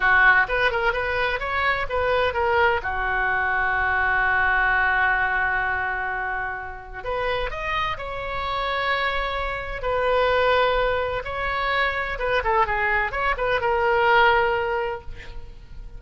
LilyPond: \new Staff \with { instrumentName = "oboe" } { \time 4/4 \tempo 4 = 128 fis'4 b'8 ais'8 b'4 cis''4 | b'4 ais'4 fis'2~ | fis'1~ | fis'2. b'4 |
dis''4 cis''2.~ | cis''4 b'2. | cis''2 b'8 a'8 gis'4 | cis''8 b'8 ais'2. | }